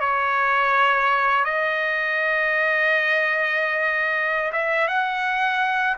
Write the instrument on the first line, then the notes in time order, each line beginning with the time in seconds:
trumpet
0.00 C#5
1.44 D#5
4.52 E5
4.88 F#5